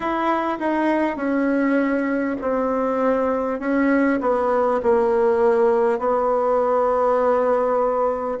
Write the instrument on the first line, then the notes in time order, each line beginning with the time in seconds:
bassoon
0.00 E4
0.59 D#4
1.16 C#4
2.41 C4
3.59 C#4
4.21 B3
4.82 A#3
5.98 B3